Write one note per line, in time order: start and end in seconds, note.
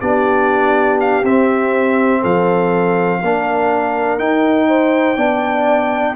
0.00 1.23 B3
0.00 1.23 D4
0.00 2.21 G4
0.00 0.98 D5
1.00 1.25 F5
1.23 2.21 C4
1.23 3.23 C4
1.23 2.23 E5
2.21 3.22 F3
2.21 3.19 A4
2.21 4.18 F5
3.20 4.18 A#3
3.20 4.18 D4
3.20 4.68 A#4
4.18 5.16 D#4
4.18 5.17 D#4
4.18 6.15 G5
4.68 5.16 C5
5.16 6.15 B3
5.16 6.15 D4
5.16 6.15 D5